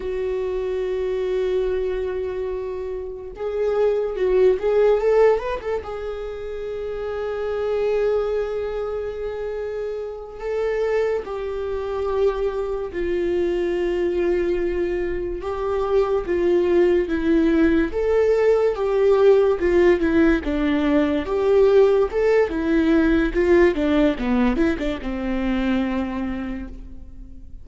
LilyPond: \new Staff \with { instrumentName = "viola" } { \time 4/4 \tempo 4 = 72 fis'1 | gis'4 fis'8 gis'8 a'8 b'16 a'16 gis'4~ | gis'1~ | gis'8 a'4 g'2 f'8~ |
f'2~ f'8 g'4 f'8~ | f'8 e'4 a'4 g'4 f'8 | e'8 d'4 g'4 a'8 e'4 | f'8 d'8 b8 e'16 d'16 c'2 | }